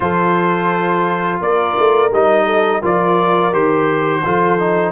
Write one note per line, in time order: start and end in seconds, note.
0.00 1.40 F3
0.00 2.10 F4
0.00 1.43 A4
0.00 1.40 C5
1.40 1.76 A#3
1.40 2.45 A#4
1.40 2.12 D5
1.78 2.11 A3
2.11 2.82 G3
2.11 2.81 D#4
2.11 2.83 D#5
2.45 2.80 A4
2.81 3.53 F3
2.81 3.52 F4
2.81 4.23 A#4
2.81 3.53 D5
3.52 4.23 D#3
3.52 4.23 G4
3.52 4.91 C5
4.23 4.91 F3
4.23 4.59 F4
4.23 4.91 A4
4.59 4.91 D#4